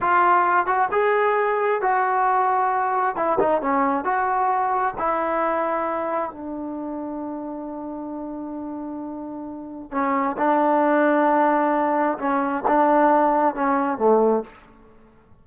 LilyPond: \new Staff \with { instrumentName = "trombone" } { \time 4/4 \tempo 4 = 133 f'4. fis'8 gis'2 | fis'2. e'8 dis'8 | cis'4 fis'2 e'4~ | e'2 d'2~ |
d'1~ | d'2 cis'4 d'4~ | d'2. cis'4 | d'2 cis'4 a4 | }